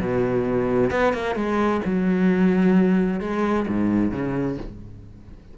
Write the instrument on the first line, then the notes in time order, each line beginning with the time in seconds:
cello
0.00 B2
0.91 B3
1.13 A#3
1.35 G#3
1.85 F#3
3.20 G#3
3.68 G#2
4.11 C#3